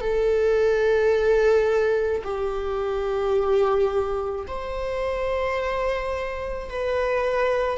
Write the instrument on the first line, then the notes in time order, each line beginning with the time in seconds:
viola
0.00 A4
2.23 G4
4.47 C5
6.69 B4